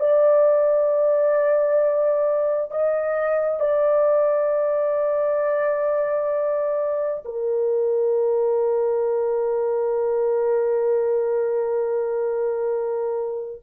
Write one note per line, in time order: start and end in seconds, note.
0.00 2.71 D5
2.71 3.60 D#5
3.60 7.24 D5
7.25 13.62 A#4